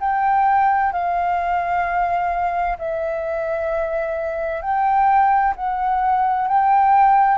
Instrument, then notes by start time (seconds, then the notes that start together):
flute
0.00 G5
0.92 F5
2.78 E5
4.62 G5
5.56 F#5
6.48 G5